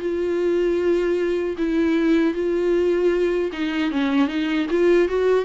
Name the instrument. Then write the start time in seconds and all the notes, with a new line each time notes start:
viola
0.00 F4
1.57 E4
2.34 F4
3.52 D#4
3.91 C#4
4.28 D#4
4.70 F4
5.08 F#4